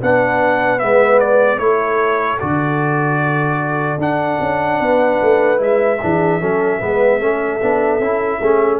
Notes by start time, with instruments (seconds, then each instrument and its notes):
0.00 tuba B3, trombone D4, horn B4, trumpet F#5
0.79 tuba G#3, trombone B3, trumpet E5
1.19 trumpet D5
1.58 tuba A3, trombone E4, horn A4, trumpet C#5
2.40 tuba D3, trombone F#4, trumpet D5
3.97 tuba D4, trombone D4, trumpet F#5
4.40 tuba C#4
4.80 tuba B3, horn B4
5.21 tuba A3
5.57 tuba G#3, trombone E4, trumpet E5
6.01 tuba E3, trombone D4, horn G#4
6.40 tuba F#3, trombone C#4, horn A4
6.79 tuba G#3, trombone B3, horn B4
7.20 tuba A3, trombone C#4, horn A4
7.60 tuba B3, trombone D4
7.99 tuba C#4, trombone E4
8.40 tuba A3, trombone C#4, horn G#4